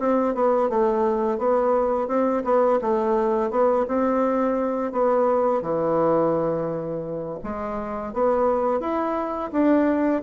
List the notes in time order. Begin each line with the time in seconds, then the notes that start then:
0.00 C4
0.35 B3
0.70 A3
1.39 B3
2.09 C4
2.44 B3
2.82 A3
3.51 B3
3.89 C4
4.93 B3
5.62 E3
7.44 G#3
8.14 B3
8.81 E4
9.53 D4